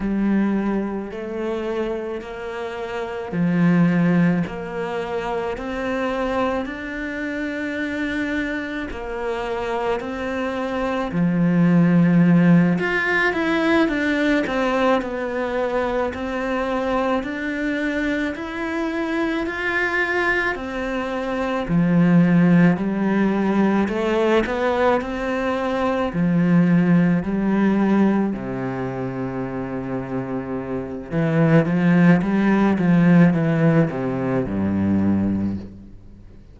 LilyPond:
\new Staff \with { instrumentName = "cello" } { \time 4/4 \tempo 4 = 54 g4 a4 ais4 f4 | ais4 c'4 d'2 | ais4 c'4 f4. f'8 | e'8 d'8 c'8 b4 c'4 d'8~ |
d'8 e'4 f'4 c'4 f8~ | f8 g4 a8 b8 c'4 f8~ | f8 g4 c2~ c8 | e8 f8 g8 f8 e8 c8 g,4 | }